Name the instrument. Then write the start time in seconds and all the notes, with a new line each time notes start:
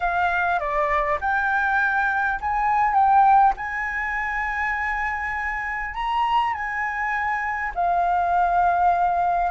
flute
0.00 F5
0.59 D5
1.20 G5
2.40 G#5
2.94 G5
3.56 G#5
5.94 A#5
6.53 G#5
7.74 F5